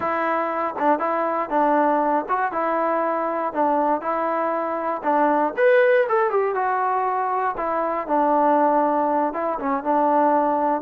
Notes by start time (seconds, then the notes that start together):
0.00 E4
0.78 D4
0.99 E4
1.49 D4
2.28 F#4
2.52 E4
3.53 D4
4.01 E4
5.03 D4
5.56 B4
6.08 A4
6.30 G4
6.54 F#4
7.57 E4
8.07 D4
9.33 E4
9.59 C#4
9.83 D4